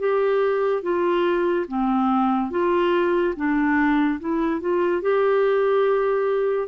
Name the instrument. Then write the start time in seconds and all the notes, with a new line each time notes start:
clarinet
0.00 G4
0.83 F4
1.68 C4
2.51 F4
3.37 D4
4.20 E4
4.61 F4
5.02 G4